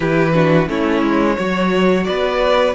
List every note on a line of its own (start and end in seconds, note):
0.00 0.68 E3
0.00 0.32 E4
0.00 0.33 G4
0.00 0.68 B4
0.33 0.67 D4
0.33 0.69 F#4
0.67 1.02 A3
0.67 1.36 C#4
0.67 1.36 E4
0.67 2.04 C#5
1.02 1.36 G#3
1.36 2.07 F#3
1.36 2.74 F#4
1.36 2.05 C#5
2.04 2.74 B3
2.04 2.74 B4
2.04 2.73 D5